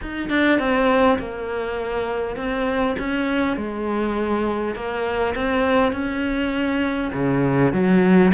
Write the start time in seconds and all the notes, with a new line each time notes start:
0.01 D#4
0.29 D4
0.59 C4
1.19 A#3
2.36 C4
2.98 C#4
3.56 G#3
4.75 A#3
5.35 C4
5.92 C#4
7.13 C#3
7.73 F#3